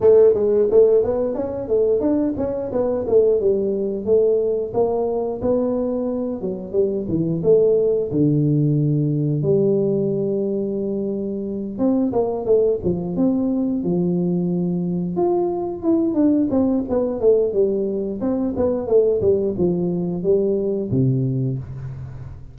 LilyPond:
\new Staff \with { instrumentName = "tuba" } { \time 4/4 \tempo 4 = 89 a8 gis8 a8 b8 cis'8 a8 d'8 cis'8 | b8 a8 g4 a4 ais4 | b4. fis8 g8 e8 a4 | d2 g2~ |
g4. c'8 ais8 a8 f8 c'8~ | c'8 f2 f'4 e'8 | d'8 c'8 b8 a8 g4 c'8 b8 | a8 g8 f4 g4 c4 | }